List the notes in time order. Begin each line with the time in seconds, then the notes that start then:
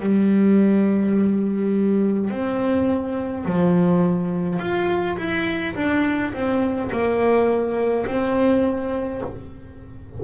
0.00 G3
2.30 C4
3.45 F3
4.59 F4
5.17 E4
5.75 D4
6.33 C4
6.92 A#3
8.06 C4